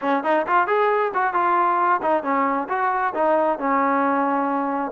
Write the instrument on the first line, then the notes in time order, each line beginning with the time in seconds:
trombone
0.01 C#4
0.23 D#4
0.46 F4
0.67 G#4
1.14 F#4
1.33 F4
2.01 D#4
2.23 C#4
2.68 F#4
3.14 D#4
3.58 C#4